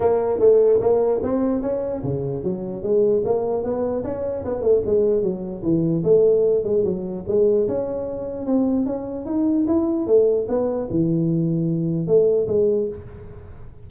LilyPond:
\new Staff \with { instrumentName = "tuba" } { \time 4/4 \tempo 4 = 149 ais4 a4 ais4 c'4 | cis'4 cis4 fis4 gis4 | ais4 b4 cis'4 b8 a8 | gis4 fis4 e4 a4~ |
a8 gis8 fis4 gis4 cis'4~ | cis'4 c'4 cis'4 dis'4 | e'4 a4 b4 e4~ | e2 a4 gis4 | }